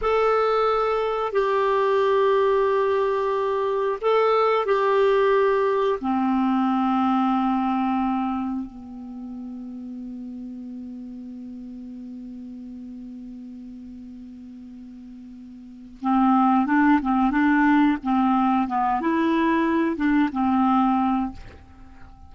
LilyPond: \new Staff \with { instrumentName = "clarinet" } { \time 4/4 \tempo 4 = 90 a'2 g'2~ | g'2 a'4 g'4~ | g'4 c'2.~ | c'4 b2.~ |
b1~ | b1 | c'4 d'8 c'8 d'4 c'4 | b8 e'4. d'8 c'4. | }